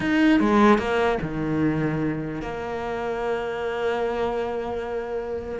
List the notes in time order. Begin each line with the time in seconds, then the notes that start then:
0.00 D#4
0.40 G#3
0.78 A#3
1.21 D#3
2.41 A#3